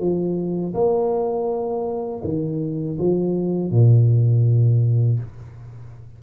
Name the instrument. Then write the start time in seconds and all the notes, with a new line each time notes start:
tuba
0.00 F3
0.74 A#3
2.24 D#3
2.99 F3
3.72 A#2